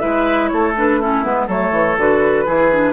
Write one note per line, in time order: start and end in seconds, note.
0.00 0.52 G#3
0.00 0.74 E4
0.00 0.50 B4
0.00 0.49 E5
0.49 1.25 A3
0.49 1.01 A4
0.49 0.73 C#5
0.78 1.02 D4
0.78 1.02 B4
1.01 1.24 C#4
1.01 1.47 E4
1.01 1.24 A4
1.24 1.48 G#3
1.24 1.49 B3
1.24 1.48 B4
1.47 1.72 F#3
1.47 1.99 A3
1.47 2.45 A4
1.47 1.99 C#5
1.72 1.96 E3
1.98 2.47 D3
1.98 2.47 F#4
1.98 2.94 B4
2.46 2.94 E3
2.46 2.71 E4
2.46 2.94 G#4
2.72 2.94 D4